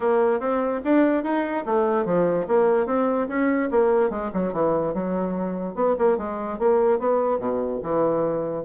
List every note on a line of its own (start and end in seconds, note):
0.00 0.39 A#3
0.39 0.81 C4
0.84 1.23 D4
1.23 1.64 D#4
1.65 2.05 A3
2.05 2.46 F3
2.47 2.86 A#3
2.86 3.27 C4
3.28 3.69 C#4
3.70 4.10 A#3
4.10 4.30 G#3
4.33 4.52 F#3
4.52 4.94 E3
4.94 5.75 F#3
5.75 5.95 B3
5.98 6.17 A#3
6.17 6.58 G#3
6.58 6.99 A#3
6.99 7.39 B3
7.39 7.80 B2
7.82 8.64 E3